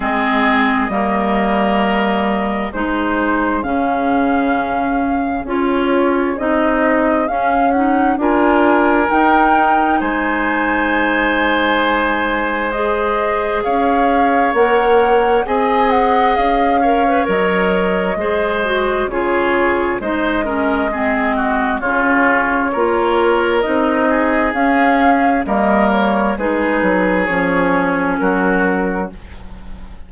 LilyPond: <<
  \new Staff \with { instrumentName = "flute" } { \time 4/4 \tempo 4 = 66 dis''2. c''4 | f''2 cis''4 dis''4 | f''8 fis''8 gis''4 g''4 gis''4~ | gis''2 dis''4 f''4 |
fis''4 gis''8 fis''8 f''4 dis''4~ | dis''4 cis''4 dis''2 | cis''2 dis''4 f''4 | dis''8 cis''8 b'4 cis''4 ais'4 | }
  \new Staff \with { instrumentName = "oboe" } { \time 4/4 gis'4 ais'2 gis'4~ | gis'1~ | gis'4 ais'2 c''4~ | c''2. cis''4~ |
cis''4 dis''4. cis''4. | c''4 gis'4 c''8 ais'8 gis'8 fis'8 | f'4 ais'4. gis'4. | ais'4 gis'2 fis'4 | }
  \new Staff \with { instrumentName = "clarinet" } { \time 4/4 c'4 ais2 dis'4 | cis'2 f'4 dis'4 | cis'8 dis'8 f'4 dis'2~ | dis'2 gis'2 |
ais'4 gis'4. ais'16 b'16 ais'4 | gis'8 fis'8 f'4 dis'8 cis'8 c'4 | cis'4 f'4 dis'4 cis'4 | ais4 dis'4 cis'2 | }
  \new Staff \with { instrumentName = "bassoon" } { \time 4/4 gis4 g2 gis4 | cis2 cis'4 c'4 | cis'4 d'4 dis'4 gis4~ | gis2. cis'4 |
ais4 c'4 cis'4 fis4 | gis4 cis4 gis2 | cis4 ais4 c'4 cis'4 | g4 gis8 fis8 f4 fis4 | }
>>